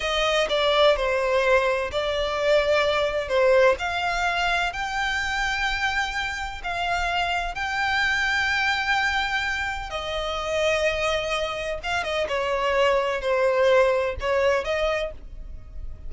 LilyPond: \new Staff \with { instrumentName = "violin" } { \time 4/4 \tempo 4 = 127 dis''4 d''4 c''2 | d''2. c''4 | f''2 g''2~ | g''2 f''2 |
g''1~ | g''4 dis''2.~ | dis''4 f''8 dis''8 cis''2 | c''2 cis''4 dis''4 | }